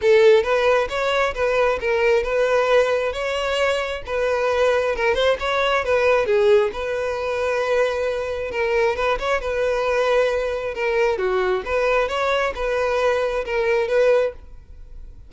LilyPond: \new Staff \with { instrumentName = "violin" } { \time 4/4 \tempo 4 = 134 a'4 b'4 cis''4 b'4 | ais'4 b'2 cis''4~ | cis''4 b'2 ais'8 c''8 | cis''4 b'4 gis'4 b'4~ |
b'2. ais'4 | b'8 cis''8 b'2. | ais'4 fis'4 b'4 cis''4 | b'2 ais'4 b'4 | }